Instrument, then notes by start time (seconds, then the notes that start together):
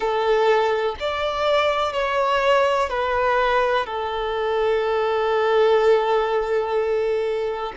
violin
0.00 A4
0.99 D5
1.93 C#5
2.89 B4
3.85 A4